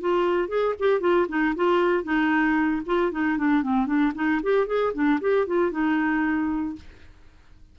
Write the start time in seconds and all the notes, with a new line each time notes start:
0.00 F4
0.48 G#4
0.79 G4
1.00 F4
1.28 D#4
1.55 F4
2.03 D#4
2.86 F4
3.11 D#4
3.37 D4
3.63 C4
3.86 D4
4.15 D#4
4.43 G4
4.66 G#4
4.93 D4
5.21 G4
5.47 F4
5.71 D#4